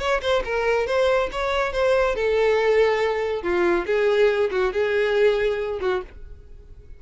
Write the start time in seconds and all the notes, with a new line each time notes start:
0.00 C#5
0.22 C5
0.45 A#4
0.87 C5
1.32 C#5
1.73 C5
2.16 A4
3.43 F4
3.86 G#4
4.51 F#4
4.73 G#4
5.81 F#4